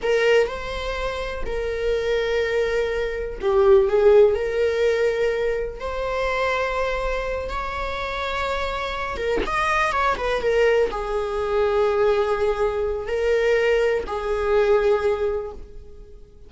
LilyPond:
\new Staff \with { instrumentName = "viola" } { \time 4/4 \tempo 4 = 124 ais'4 c''2 ais'4~ | ais'2. g'4 | gis'4 ais'2. | c''2.~ c''8 cis''8~ |
cis''2. ais'8 dis''8~ | dis''8 cis''8 b'8 ais'4 gis'4.~ | gis'2. ais'4~ | ais'4 gis'2. | }